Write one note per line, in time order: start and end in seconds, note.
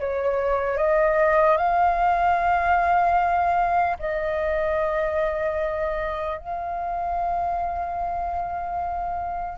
0.00 0.78 C#5
0.78 1.57 D#5
1.57 3.97 F5
4.00 6.39 D#5
6.39 9.59 F5